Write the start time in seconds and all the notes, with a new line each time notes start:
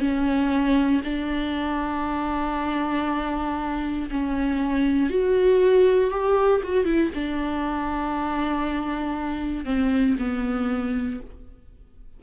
0.00 C#4
1.05 D4
4.11 C#4
5.10 F#4
6.11 G4
6.64 F#4
6.85 E4
7.15 D4
9.66 C4
10.19 B3